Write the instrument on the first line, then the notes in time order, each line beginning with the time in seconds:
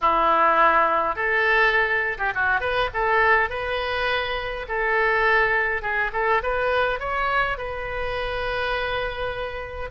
oboe
0.01 E4
1.15 A4
2.18 G4
2.34 F#4
2.60 B4
2.93 A4
3.50 B4
4.68 A4
5.82 G#4
6.12 A4
6.42 B4
6.99 C#5
7.57 B4